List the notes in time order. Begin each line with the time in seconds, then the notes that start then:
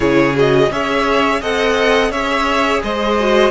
0.00 C#3 E4 G#4 C#5
0.35 F#4 D#5
0.70 C#4 G#4 C#5 E5
1.40 C4 A4 D#5 F#5
2.10 C#4 G#4 C#5 E5
2.83 G#3 C5 D#5
3.19 F#4